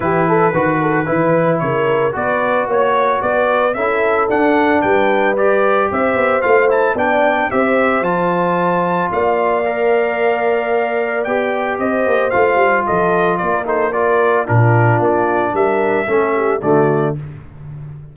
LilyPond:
<<
  \new Staff \with { instrumentName = "trumpet" } { \time 4/4 \tempo 4 = 112 b'2. cis''4 | d''4 cis''4 d''4 e''4 | fis''4 g''4 d''4 e''4 | f''8 a''8 g''4 e''4 a''4~ |
a''4 f''2.~ | f''4 g''4 dis''4 f''4 | dis''4 d''8 c''8 d''4 ais'4 | d''4 e''2 d''4 | }
  \new Staff \with { instrumentName = "horn" } { \time 4/4 g'8 a'8 b'8 a'8 b'4 ais'4 | b'4 cis''4 b'4 a'4~ | a'4 b'2 c''4~ | c''4 d''4 c''2~ |
c''4 d''2.~ | d''2 c''2 | a'4 ais'8 a'8 ais'4 f'4~ | f'4 ais'4 a'8 g'8 fis'4 | }
  \new Staff \with { instrumentName = "trombone" } { \time 4/4 e'4 fis'4 e'2 | fis'2. e'4 | d'2 g'2 | f'8 e'8 d'4 g'4 f'4~ |
f'2 ais'2~ | ais'4 g'2 f'4~ | f'4. dis'8 f'4 d'4~ | d'2 cis'4 a4 | }
  \new Staff \with { instrumentName = "tuba" } { \time 4/4 e4 dis4 e4 cis4 | b4 ais4 b4 cis'4 | d'4 g2 c'8 b8 | a4 b4 c'4 f4~ |
f4 ais2.~ | ais4 b4 c'8 ais8 a8 g8 | f4 ais2 ais,4 | ais4 g4 a4 d4 | }
>>